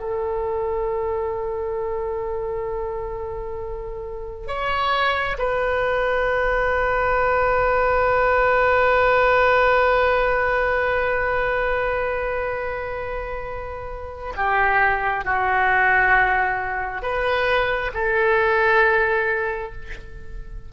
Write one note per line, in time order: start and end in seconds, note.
0.00 4.48 A4
4.48 5.37 C#5
5.39 14.34 B4
14.36 15.25 G4
15.25 17.02 F#4
17.02 17.92 B4
17.94 19.73 A4